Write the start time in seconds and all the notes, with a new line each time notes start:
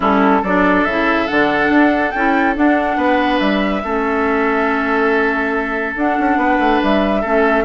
0.00 G3 C#4 E4 A4
0.42 F#3 D4 A4 D5
0.84 C#3 E4 E5
1.27 D3 D4 F#5
1.69 D4
2.11 C#4 E4 G5
2.55 D4 F#5
2.96 B3 B4
3.39 G3 E5
3.83 A3 C#4 A4
5.95 D4 F#5
6.19 C#4
6.36 B3 B4
6.59 A3
6.83 G3 E5
7.21 A3 C#4 A4